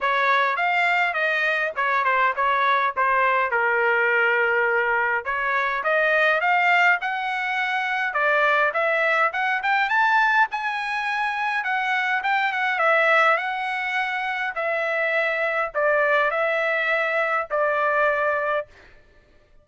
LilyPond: \new Staff \with { instrumentName = "trumpet" } { \time 4/4 \tempo 4 = 103 cis''4 f''4 dis''4 cis''8 c''8 | cis''4 c''4 ais'2~ | ais'4 cis''4 dis''4 f''4 | fis''2 d''4 e''4 |
fis''8 g''8 a''4 gis''2 | fis''4 g''8 fis''8 e''4 fis''4~ | fis''4 e''2 d''4 | e''2 d''2 | }